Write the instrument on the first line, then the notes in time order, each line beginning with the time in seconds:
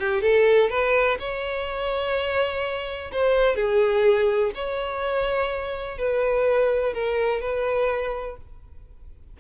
violin
0.00 G4
0.22 A4
0.70 B4
1.20 C#5
3.12 C5
3.56 G#4
4.55 C#5
5.98 B4
6.94 A#4
7.41 B4